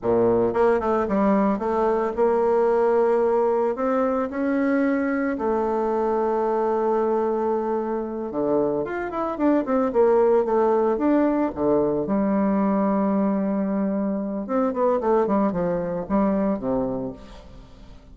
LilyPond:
\new Staff \with { instrumentName = "bassoon" } { \time 4/4 \tempo 4 = 112 ais,4 ais8 a8 g4 a4 | ais2. c'4 | cis'2 a2~ | a2.~ a8 d8~ |
d8 f'8 e'8 d'8 c'8 ais4 a8~ | a8 d'4 d4 g4.~ | g2. c'8 b8 | a8 g8 f4 g4 c4 | }